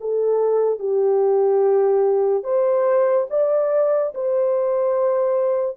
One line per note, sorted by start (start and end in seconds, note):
0.00 0.79 A4
0.79 2.43 G4
2.43 3.27 C5
3.30 4.13 D5
4.14 5.77 C5